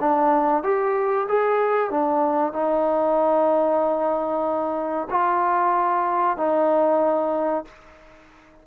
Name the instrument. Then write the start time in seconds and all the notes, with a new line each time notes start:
trombone
0.00 D4
0.63 G4
1.28 G#4
1.90 D4
2.53 D#4
5.10 F4
6.37 D#4